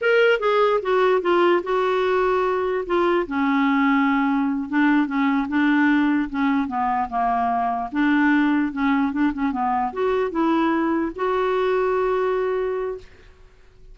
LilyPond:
\new Staff \with { instrumentName = "clarinet" } { \time 4/4 \tempo 4 = 148 ais'4 gis'4 fis'4 f'4 | fis'2. f'4 | cis'2.~ cis'8 d'8~ | d'8 cis'4 d'2 cis'8~ |
cis'8 b4 ais2 d'8~ | d'4. cis'4 d'8 cis'8 b8~ | b8 fis'4 e'2 fis'8~ | fis'1 | }